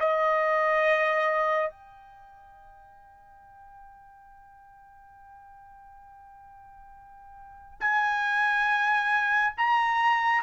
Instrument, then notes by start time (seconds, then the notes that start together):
trumpet
0.00 D#5
1.70 G5
7.80 G#5
9.57 A#5